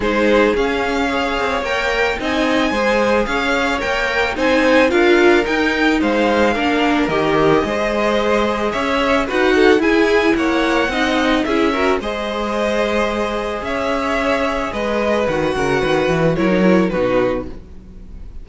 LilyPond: <<
  \new Staff \with { instrumentName = "violin" } { \time 4/4 \tempo 4 = 110 c''4 f''2 g''4 | gis''2 f''4 g''4 | gis''4 f''4 g''4 f''4~ | f''4 dis''2. |
e''4 fis''4 gis''4 fis''4~ | fis''4 e''4 dis''2~ | dis''4 e''2 dis''4 | fis''2 cis''4 b'4 | }
  \new Staff \with { instrumentName = "violin" } { \time 4/4 gis'2 cis''2 | dis''4 c''4 cis''2 | c''4 ais'2 c''4 | ais'2 c''2 |
cis''4 b'8 a'8 gis'4 cis''4 | dis''4 gis'8 ais'8 c''2~ | c''4 cis''2 b'4~ | b'8 ais'8 b'4 ais'4 fis'4 | }
  \new Staff \with { instrumentName = "viola" } { \time 4/4 dis'4 cis'4 gis'4 ais'4 | dis'4 gis'2 ais'4 | dis'4 f'4 dis'2 | d'4 g'4 gis'2~ |
gis'4 fis'4 e'2 | dis'4 e'8 fis'8 gis'2~ | gis'1 | fis'2 e'16 dis'16 e'8 dis'4 | }
  \new Staff \with { instrumentName = "cello" } { \time 4/4 gis4 cis'4. c'8 ais4 | c'4 gis4 cis'4 ais4 | c'4 d'4 dis'4 gis4 | ais4 dis4 gis2 |
cis'4 dis'4 e'4 ais4 | c'4 cis'4 gis2~ | gis4 cis'2 gis4 | dis8 cis8 dis8 e8 fis4 b,4 | }
>>